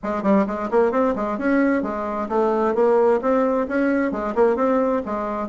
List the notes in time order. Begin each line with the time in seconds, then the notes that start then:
0.03 G#3
0.22 G3
0.46 G#3
0.71 A#3
0.91 C4
1.15 G#3
1.38 C#4
1.82 G#3
2.28 A3
2.74 A#3
3.21 C4
3.68 C#4
4.11 G#3
4.35 A#3
4.56 C4
5.05 G#3